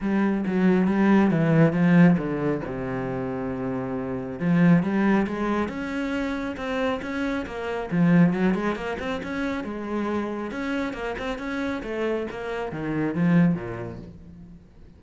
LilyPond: \new Staff \with { instrumentName = "cello" } { \time 4/4 \tempo 4 = 137 g4 fis4 g4 e4 | f4 d4 c2~ | c2 f4 g4 | gis4 cis'2 c'4 |
cis'4 ais4 f4 fis8 gis8 | ais8 c'8 cis'4 gis2 | cis'4 ais8 c'8 cis'4 a4 | ais4 dis4 f4 ais,4 | }